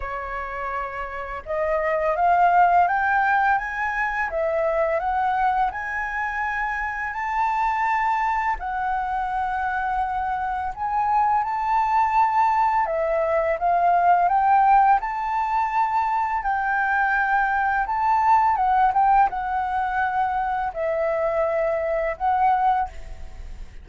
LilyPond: \new Staff \with { instrumentName = "flute" } { \time 4/4 \tempo 4 = 84 cis''2 dis''4 f''4 | g''4 gis''4 e''4 fis''4 | gis''2 a''2 | fis''2. gis''4 |
a''2 e''4 f''4 | g''4 a''2 g''4~ | g''4 a''4 fis''8 g''8 fis''4~ | fis''4 e''2 fis''4 | }